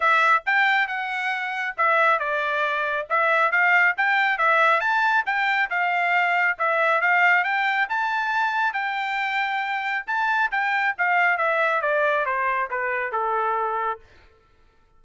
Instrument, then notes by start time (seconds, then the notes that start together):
trumpet
0.00 E5
0.46 G5
0.87 F#5
1.77 E5
2.19 D5
3.09 E5
3.51 F5
3.97 G5
4.38 E5
4.80 A5
5.26 G5
5.70 F5
6.58 E5
7.01 F5
7.44 G5
7.89 A5
8.73 G5
10.06 A5
10.51 G5
10.97 F5
11.37 E5
11.81 D5
12.25 C5
12.70 B4
13.12 A4